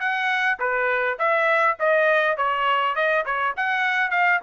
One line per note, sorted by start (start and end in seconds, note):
0.00 0.59 F#5
0.60 1.18 B4
1.19 1.78 E5
1.80 2.37 D#5
2.37 2.96 C#5
2.96 3.25 D#5
3.26 3.55 C#5
3.57 4.11 F#5
4.11 4.40 F5